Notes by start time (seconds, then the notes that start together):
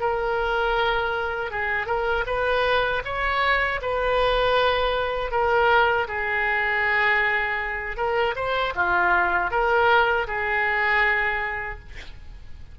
0.00 A#4
1.51 G#4
1.86 A#4
2.26 B4
3.04 C#5
3.81 B4
5.31 A#4
6.07 G#4
7.97 A#4
8.35 C5
8.75 F4
9.51 A#4
10.27 G#4